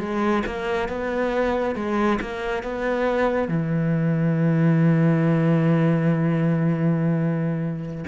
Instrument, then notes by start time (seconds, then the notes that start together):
cello
0.00 G#3
0.47 A#3
0.89 B3
1.76 G#3
2.21 A#3
2.64 B3
3.49 E3